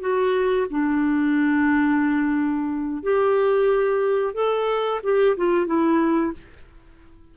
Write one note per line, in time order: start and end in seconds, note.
0.00 0.67 F#4
0.70 3.03 D4
3.03 4.34 G4
4.34 5.00 A4
5.03 5.36 G4
5.37 5.66 F4
5.66 6.33 E4